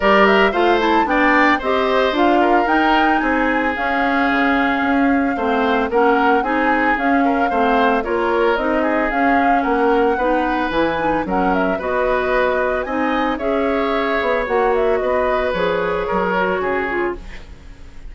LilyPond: <<
  \new Staff \with { instrumentName = "flute" } { \time 4/4 \tempo 4 = 112 d''8 e''8 f''8 a''8 g''4 dis''4 | f''4 g''4 gis''4 f''4~ | f''2. fis''4 | gis''4 f''2 cis''4 |
dis''4 f''4 fis''2 | gis''4 fis''8 e''8 dis''2 | gis''4 e''2 fis''8 e''8 | dis''4 cis''2. | }
  \new Staff \with { instrumentName = "oboe" } { \time 4/4 ais'4 c''4 d''4 c''4~ | c''8 ais'4. gis'2~ | gis'2 c''4 ais'4 | gis'4. ais'8 c''4 ais'4~ |
ais'8 gis'4. ais'4 b'4~ | b'4 ais'4 b'2 | dis''4 cis''2. | b'2 ais'4 gis'4 | }
  \new Staff \with { instrumentName = "clarinet" } { \time 4/4 g'4 f'8 e'8 d'4 g'4 | f'4 dis'2 cis'4~ | cis'2 c'4 cis'4 | dis'4 cis'4 c'4 f'4 |
dis'4 cis'2 dis'4 | e'8 dis'8 cis'4 fis'2 | dis'4 gis'2 fis'4~ | fis'4 gis'4. fis'4 f'8 | }
  \new Staff \with { instrumentName = "bassoon" } { \time 4/4 g4 a4 b4 c'4 | d'4 dis'4 c'4 cis'4 | cis4 cis'4 a4 ais4 | c'4 cis'4 a4 ais4 |
c'4 cis'4 ais4 b4 | e4 fis4 b2 | c'4 cis'4. b8 ais4 | b4 f4 fis4 cis4 | }
>>